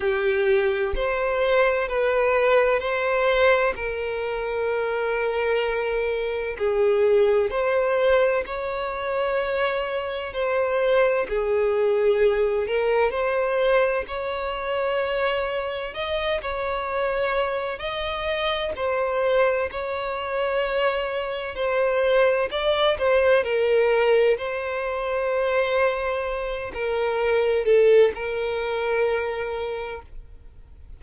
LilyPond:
\new Staff \with { instrumentName = "violin" } { \time 4/4 \tempo 4 = 64 g'4 c''4 b'4 c''4 | ais'2. gis'4 | c''4 cis''2 c''4 | gis'4. ais'8 c''4 cis''4~ |
cis''4 dis''8 cis''4. dis''4 | c''4 cis''2 c''4 | d''8 c''8 ais'4 c''2~ | c''8 ais'4 a'8 ais'2 | }